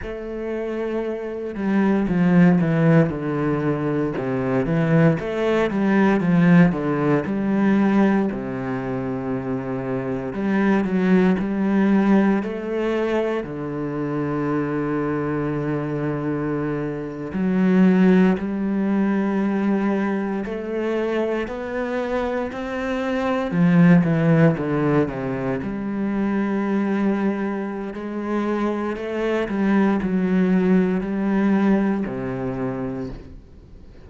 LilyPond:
\new Staff \with { instrumentName = "cello" } { \time 4/4 \tempo 4 = 58 a4. g8 f8 e8 d4 | c8 e8 a8 g8 f8 d8 g4 | c2 g8 fis8 g4 | a4 d2.~ |
d8. fis4 g2 a16~ | a8. b4 c'4 f8 e8 d16~ | d16 c8 g2~ g16 gis4 | a8 g8 fis4 g4 c4 | }